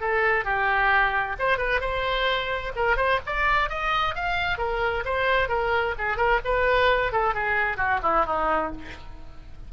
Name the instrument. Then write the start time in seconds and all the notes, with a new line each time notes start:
oboe
0.00 A4
0.44 G4
1.38 C5
1.57 B4
1.80 C5
2.75 A#4
2.96 C5
3.26 D5
3.69 D#5
4.15 F5
4.58 A#4
5.04 C5
5.48 A#4
5.98 G#4
6.16 A#4
6.44 B4
7.12 A4
7.34 G#4
7.77 F#4
8.02 E4
8.25 D#4